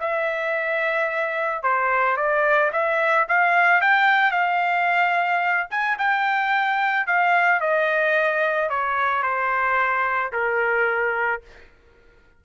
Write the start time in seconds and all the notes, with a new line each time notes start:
0.00 E5
1.63 C5
2.17 D5
2.73 E5
3.29 F5
3.81 G5
4.31 F5
5.70 G#5
5.99 G5
7.07 F5
7.61 D#5
8.70 C#5
9.23 C5
10.32 A#4